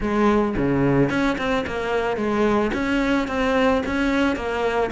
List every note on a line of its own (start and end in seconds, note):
0.00 0.55 G#3
0.56 1.09 C#3
1.09 1.37 C#4
1.38 1.65 C4
1.66 2.16 A#3
2.16 2.71 G#3
2.73 3.27 C#4
3.27 3.82 C4
3.86 4.36 C#4
4.36 4.90 A#3